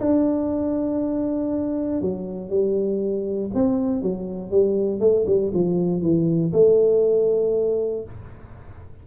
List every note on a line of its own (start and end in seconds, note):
0.00 2.01 D4
2.01 2.50 F#3
2.50 3.51 G3
3.55 4.02 C4
4.02 4.51 F#3
4.51 5.00 G3
5.00 5.25 A3
5.27 5.52 G3
5.54 6.02 F3
6.02 6.52 E3
6.53 8.04 A3